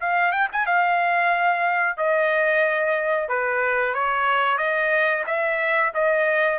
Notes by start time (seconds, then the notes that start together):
0.00 F5
0.31 G5
0.52 G#5
0.66 F5
1.97 D#5
3.28 B4
3.94 C#5
4.57 D#5
5.26 E5
5.94 D#5